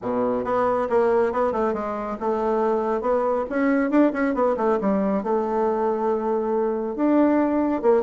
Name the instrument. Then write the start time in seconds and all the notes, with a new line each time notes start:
bassoon
0.02 B2
0.44 B3
0.89 A#3
1.32 B3
1.52 A3
1.73 G#3
2.20 A3
3.01 B3
3.49 C#4
3.90 D4
4.12 C#4
4.34 B3
4.57 A3
4.80 G3
5.23 A3
6.95 D4
7.81 A#3